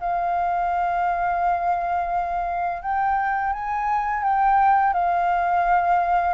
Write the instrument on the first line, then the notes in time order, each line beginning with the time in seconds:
flute
0.00 F5
2.82 G5
3.53 G#5
4.23 G5
4.93 F5